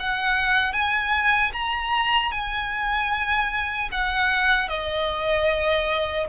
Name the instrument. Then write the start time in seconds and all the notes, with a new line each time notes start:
violin
0.00 F#5
0.73 G#5
1.53 A#5
2.32 G#5
3.92 F#5
4.69 D#5